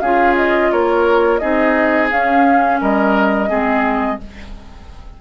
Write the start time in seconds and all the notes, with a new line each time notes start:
0.00 C#4 F4 G#4 F5
0.37 D#5
0.72 A#3 A#4 C#5
1.38 C4 D#4 G#4 D#5
2.11 C#4 F5
2.81 G3 A#4 D#5
3.48 G#3 C4 G#4